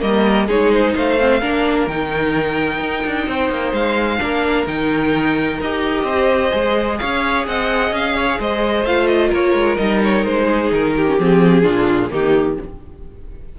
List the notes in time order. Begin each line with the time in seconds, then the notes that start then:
0.00 G3 A#3 A#4 D#5
0.48 G#3 D#4 G#4 C#5
0.73 C5
0.96 A3 C5 F5
1.20 C4
1.41 A#3 D4 A#4
1.87 D#3 D#4 G5
2.81 D#4
3.06 D4
3.28 C4 C5
3.50 A#3
3.73 G#3 F5
4.20 A#3 D4 A#4
4.67 D#3 D#4 G5
5.61 D#4 G4 D#5
6.04 C4 C5
6.51 G#3 G#4
6.99 C#4 C#5 F5
7.47 C4 D#5 F#5
7.91 C#4 F5
8.16 C#5
8.40 G#3 C5 D#5
8.86 A3 F4 F5
9.07 D#5
9.30 A#3 A#4 C#5
9.54 G#3
9.77 G3 D#4 D#5
10.04 C#5
10.25 G#3 C5
10.46 G#4
10.72 D#3 A#4
10.96 G4
11.07 C#4
11.20 F3 C4 G#4
11.63 A#2 D4 F4
12.10 D#3 A#3 D#4 G4